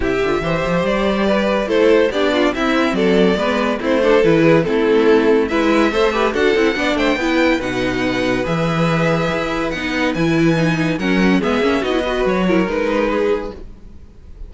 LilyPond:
<<
  \new Staff \with { instrumentName = "violin" } { \time 4/4 \tempo 4 = 142 e''2 d''2 | c''4 d''4 e''4 d''4~ | d''4 c''4 b'4 a'4~ | a'4 e''2 fis''4~ |
fis''8 g''4. fis''2 | e''2. fis''4 | gis''2 fis''4 e''4 | dis''4 cis''4 b'2 | }
  \new Staff \with { instrumentName = "violin" } { \time 4/4 g'4 c''2 b'4 | a'4 g'8 f'8 e'4 a'4 | b'4 e'8 a'4 gis'8 e'4~ | e'4 b'4 c''8 b'8 a'4 |
d''8 c''8 b'2.~ | b'1~ | b'2 ais'4 gis'4 | fis'8 b'4 ais'4. gis'4 | }
  \new Staff \with { instrumentName = "viola" } { \time 4/4 e'8 f'8 g'2. | e'4 d'4 c'2 | b4 c'8 d'8 e'4 c'4~ | c'4 e'4 a'8 g'8 fis'8 e'8 |
d'4 e'4 dis'2 | gis'2. dis'4 | e'4 dis'4 cis'4 b8 cis'8 | dis'16 e'16 fis'4 e'8 dis'2 | }
  \new Staff \with { instrumentName = "cello" } { \time 4/4 c8 d8 e8 f8 g2 | a4 b4 c'4 fis4 | gis4 a4 e4 a4~ | a4 gis4 a4 d'8 c'8 |
b8 a8 b4 b,2 | e2 e'4 b4 | e2 fis4 gis8 ais8 | b4 fis4 gis2 | }
>>